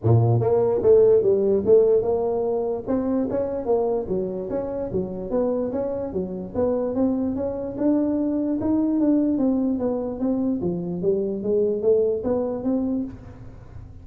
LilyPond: \new Staff \with { instrumentName = "tuba" } { \time 4/4 \tempo 4 = 147 ais,4 ais4 a4 g4 | a4 ais2 c'4 | cis'4 ais4 fis4 cis'4 | fis4 b4 cis'4 fis4 |
b4 c'4 cis'4 d'4~ | d'4 dis'4 d'4 c'4 | b4 c'4 f4 g4 | gis4 a4 b4 c'4 | }